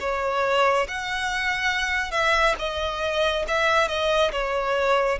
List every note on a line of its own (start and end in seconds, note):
0.00 0.87 C#5
0.88 2.11 F#5
2.11 2.55 E5
2.59 3.46 D#5
3.47 3.88 E5
3.88 4.31 D#5
4.32 5.19 C#5